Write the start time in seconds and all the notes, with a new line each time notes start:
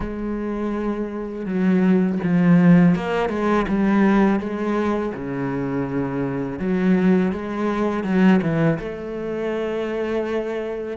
0.00 G#3
1.45 F#3
2.23 F3
2.95 A#3
3.29 G#3
3.68 G3
4.39 G#3
5.15 C#3
6.59 F#3
7.31 G#3
8.03 F#3
8.41 E3
8.79 A3